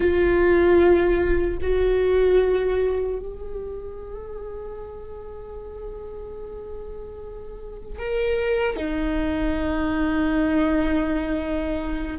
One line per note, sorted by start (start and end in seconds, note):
0.00 1.57 F4
1.61 3.19 F#4
3.19 7.98 G#4
7.98 8.76 A#4
8.76 12.16 D#4